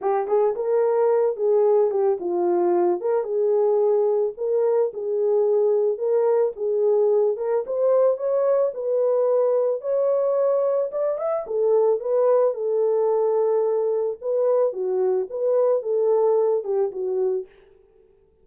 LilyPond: \new Staff \with { instrumentName = "horn" } { \time 4/4 \tempo 4 = 110 g'8 gis'8 ais'4. gis'4 g'8 | f'4. ais'8 gis'2 | ais'4 gis'2 ais'4 | gis'4. ais'8 c''4 cis''4 |
b'2 cis''2 | d''8 e''8 a'4 b'4 a'4~ | a'2 b'4 fis'4 | b'4 a'4. g'8 fis'4 | }